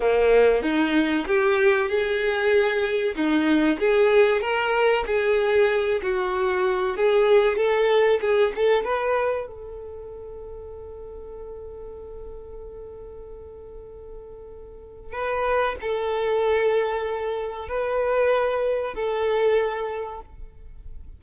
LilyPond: \new Staff \with { instrumentName = "violin" } { \time 4/4 \tempo 4 = 95 ais4 dis'4 g'4 gis'4~ | gis'4 dis'4 gis'4 ais'4 | gis'4. fis'4. gis'4 | a'4 gis'8 a'8 b'4 a'4~ |
a'1~ | a'1 | b'4 a'2. | b'2 a'2 | }